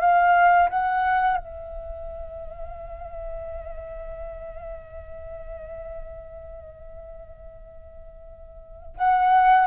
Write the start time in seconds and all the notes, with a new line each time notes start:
0.00 F5
0.70 F#5
1.37 E5
8.97 F#5